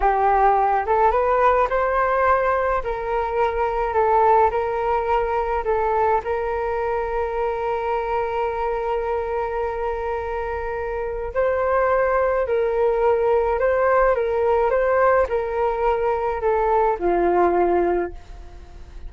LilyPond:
\new Staff \with { instrumentName = "flute" } { \time 4/4 \tempo 4 = 106 g'4. a'8 b'4 c''4~ | c''4 ais'2 a'4 | ais'2 a'4 ais'4~ | ais'1~ |
ais'1 | c''2 ais'2 | c''4 ais'4 c''4 ais'4~ | ais'4 a'4 f'2 | }